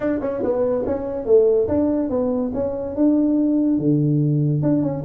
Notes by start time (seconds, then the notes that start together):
0.00 D4
0.21 C#4
0.43 B3
0.86 C#4
1.25 A3
1.67 D4
2.09 B3
2.53 C#4
2.95 D4
3.78 D3
4.62 D4
4.82 C#4